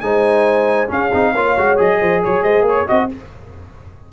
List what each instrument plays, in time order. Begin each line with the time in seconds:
0.00 tuba G#3, trombone D#4, horn C5, trumpet G#5
0.87 trombone C#4, tuba C#4, horn G#4, trumpet F5
1.12 tuba C4, trombone D#4
1.32 tuba A#3, trombone F4, horn C#5
1.57 tuba G#3, trombone F#4
1.77 tuba F#3, trombone G#4, trumpet D#5
2.00 tuba F3, horn C5
2.23 tuba F#3, horn C#5, trumpet C#5
2.43 tuba G#3, horn C5, trumpet D#5
2.61 tuba A#3, horn C#5
2.68 trumpet C#5
2.86 tuba C4, trombone F#4, horn D#5, trumpet D#5